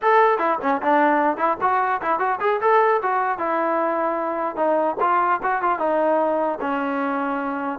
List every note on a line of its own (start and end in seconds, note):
0.02 0.38 A4
0.38 0.58 E4
0.61 0.81 C#4
0.82 1.37 D4
1.37 1.57 E4
1.61 2.01 F#4
2.01 2.19 E4
2.19 2.39 F#4
2.40 2.60 G#4
2.61 3.01 A4
3.02 3.38 F#4
3.38 4.55 E4
4.55 4.95 D#4
5.00 5.40 F4
5.42 5.62 F#4
5.62 5.78 F4
5.78 6.58 D#4
6.61 7.79 C#4